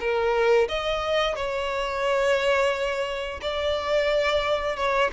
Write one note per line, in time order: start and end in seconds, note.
0.00 0.68 A#4
0.69 1.36 D#5
1.36 3.41 C#5
3.42 4.77 D5
4.77 5.11 C#5